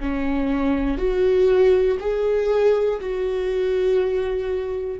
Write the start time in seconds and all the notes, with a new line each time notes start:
0.00 C#4
0.98 F#4
2.00 G#4
3.00 F#4